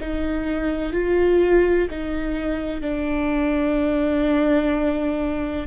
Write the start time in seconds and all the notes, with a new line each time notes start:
0.00 D#4
0.93 F4
1.90 D#4
2.81 D4